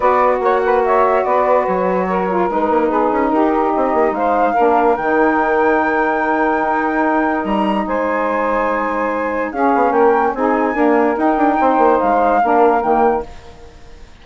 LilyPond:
<<
  \new Staff \with { instrumentName = "flute" } { \time 4/4 \tempo 4 = 145 d''4 fis''4 e''4 d''4 | cis''2 b'2 | ais'4 dis''4 f''2 | g''1~ |
g''2 ais''4 gis''4~ | gis''2. f''4 | g''4 gis''2 g''4~ | g''4 f''2 g''4 | }
  \new Staff \with { instrumentName = "saxophone" } { \time 4/4 b'4 cis''8 b'8 cis''4 b'4~ | b'4 ais'2 gis'4 | g'2 c''4 ais'4~ | ais'1~ |
ais'2. c''4~ | c''2. gis'4 | ais'4 gis'4 ais'2 | c''2 ais'2 | }
  \new Staff \with { instrumentName = "saxophone" } { \time 4/4 fis'1~ | fis'4. f'8 dis'2~ | dis'2. d'4 | dis'1~ |
dis'1~ | dis'2. cis'4~ | cis'4 dis'4 ais4 dis'4~ | dis'2 d'4 ais4 | }
  \new Staff \with { instrumentName = "bassoon" } { \time 4/4 b4 ais2 b4 | fis2 gis8 ais8 b8 cis'8 | dis'4 c'8 ais8 gis4 ais4 | dis1 |
dis'2 g4 gis4~ | gis2. cis'8 b8 | ais4 c'4 d'4 dis'8 d'8 | c'8 ais8 gis4 ais4 dis4 | }
>>